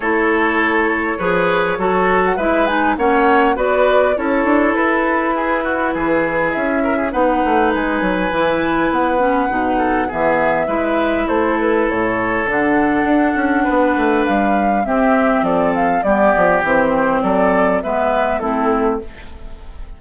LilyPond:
<<
  \new Staff \with { instrumentName = "flute" } { \time 4/4 \tempo 4 = 101 cis''2.~ cis''8. fis''16 | e''8 gis''8 fis''4 d''4 cis''4 | b'2. e''4 | fis''4 gis''2 fis''4~ |
fis''4 e''2 c''8 b'8 | cis''4 fis''2. | f''4 e''4 d''8 f''8 d''4 | c''4 d''4 e''4 a'4 | }
  \new Staff \with { instrumentName = "oboe" } { \time 4/4 a'2 b'4 a'4 | b'4 cis''4 b'4 a'4~ | a'4 gis'8 fis'8 gis'4. ais'16 gis'16 | b'1~ |
b'8 a'8 gis'4 b'4 a'4~ | a'2. b'4~ | b'4 g'4 a'4 g'4~ | g'4 a'4 b'4 e'4 | }
  \new Staff \with { instrumentName = "clarinet" } { \time 4/4 e'2 gis'4 fis'4 | e'8 dis'8 cis'4 fis'4 e'4~ | e'1 | dis'2 e'4. cis'8 |
dis'4 b4 e'2~ | e'4 d'2.~ | d'4 c'2 b4 | c'2 b4 c'4 | }
  \new Staff \with { instrumentName = "bassoon" } { \time 4/4 a2 f4 fis4 | gis4 ais4 b4 cis'8 d'8 | e'2 e4 cis'4 | b8 a8 gis8 fis8 e4 b4 |
b,4 e4 gis4 a4 | a,4 d4 d'8 cis'8 b8 a8 | g4 c'4 f4 g8 f8 | e4 fis4 gis4 a4 | }
>>